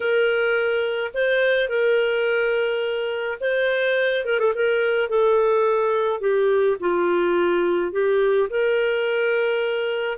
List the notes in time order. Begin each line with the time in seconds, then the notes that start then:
0.00 A#4
1.13 C5
1.68 A#4
3.40 C5
4.25 A#4
4.39 A4
4.54 A#4
5.09 A4
6.20 G4
6.80 F4
7.92 G4
8.49 A#4